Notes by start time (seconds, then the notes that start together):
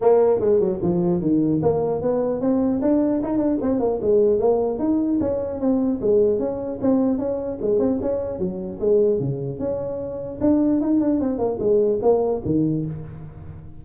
0.01 A#3
0.40 G#3
0.59 F#3
0.82 F3
1.21 D#3
1.62 A#3
2.01 B3
2.40 C4
2.81 D4
3.22 D#4
3.37 D4
3.61 C4
3.79 A#3
4.01 G#3
4.39 A#3
4.79 D#4
5.20 C#4
5.59 C4
6.01 G#3
6.39 C#4
6.81 C4
7.18 C#4
7.61 G#3
7.79 C4
8.01 C#4
8.38 F#3
8.79 G#3
9.19 C#3
9.59 C#4
10.41 D4
10.81 D#4
11.00 D4
11.20 C4
11.38 A#3
11.59 G#3
12.01 A#3
12.45 D#3